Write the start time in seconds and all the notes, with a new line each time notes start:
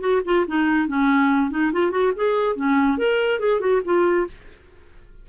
0.00 F#4
0.25 F4
0.47 D#4
0.88 C#4
1.50 D#4
1.72 F4
1.91 F#4
2.16 G#4
2.56 C#4
2.98 A#4
3.39 G#4
3.60 F#4
3.85 F4